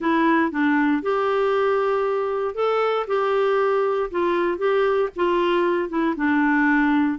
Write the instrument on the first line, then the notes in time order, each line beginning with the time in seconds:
clarinet
0.00 E4
0.51 D4
1.02 G4
2.55 A4
3.07 G4
4.10 F4
4.58 G4
5.16 F4
5.89 E4
6.16 D4